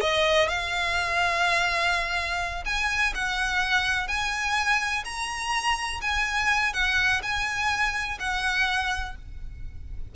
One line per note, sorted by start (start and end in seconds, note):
0.00 0.48 D#5
0.48 2.64 F5
2.65 3.13 G#5
3.14 4.08 F#5
4.08 5.04 G#5
5.04 6.00 A#5
6.01 6.73 G#5
6.73 7.21 F#5
7.22 8.18 G#5
8.19 9.15 F#5